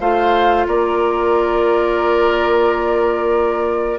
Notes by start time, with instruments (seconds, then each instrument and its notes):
0.00 bassoon A3, clarinet F4, oboe C5, flute F5
0.67 bassoon A#3, oboe A#4, flute D5